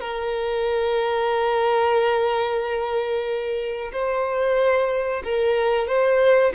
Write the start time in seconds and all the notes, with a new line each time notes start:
0.00 A#4
3.92 C5
5.24 A#4
5.87 C5